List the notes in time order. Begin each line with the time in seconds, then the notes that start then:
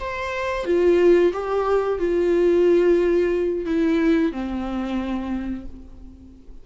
0.00 C5
0.65 F4
1.33 G4
1.99 F4
3.65 E4
4.32 C4